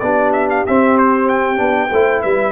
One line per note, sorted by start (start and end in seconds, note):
0.00 0.65 B3
0.00 0.67 D4
0.00 1.91 G4
0.00 0.32 D5
0.33 0.49 E5
0.50 0.66 F5
0.67 1.59 C4
0.67 1.57 C4
0.67 0.98 E5
0.98 1.29 C5
1.29 2.23 G5
1.57 1.91 B3
1.57 1.88 D4
1.91 2.24 A3
1.91 2.53 E4
1.91 2.22 C5
2.22 2.53 G3
2.22 2.53 B4
2.22 2.53 E5